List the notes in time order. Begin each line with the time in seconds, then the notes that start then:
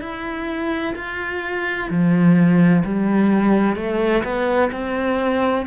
0.00 E4
0.95 F4
1.89 F3
2.84 G3
3.76 A3
4.23 B3
4.71 C4